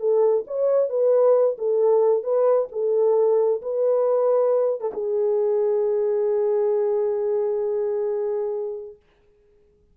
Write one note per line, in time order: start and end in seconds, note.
0.00 0.45 A4
0.47 0.90 C#5
0.90 1.57 B4
1.59 2.24 A4
2.24 2.69 B4
2.72 3.62 A4
3.62 4.81 B4
4.81 4.92 A4
4.94 8.97 G#4